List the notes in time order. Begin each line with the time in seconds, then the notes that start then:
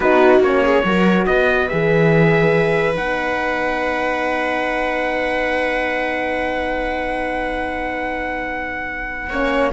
0.00 B3 D#4 F#4 B4
0.39 A#3 C#4 C#5
0.62 G#4
0.84 F#3 F#4 A#4
1.26 B3 B4 D#5
1.68 E3 G#4 E5
2.95 B3 D#4 F#5
9.29 A#3 C#4 C#5